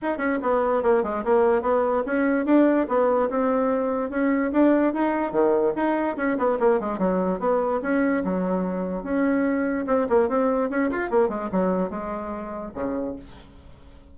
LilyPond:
\new Staff \with { instrumentName = "bassoon" } { \time 4/4 \tempo 4 = 146 dis'8 cis'8 b4 ais8 gis8 ais4 | b4 cis'4 d'4 b4 | c'2 cis'4 d'4 | dis'4 dis4 dis'4 cis'8 b8 |
ais8 gis8 fis4 b4 cis'4 | fis2 cis'2 | c'8 ais8 c'4 cis'8 f'8 ais8 gis8 | fis4 gis2 cis4 | }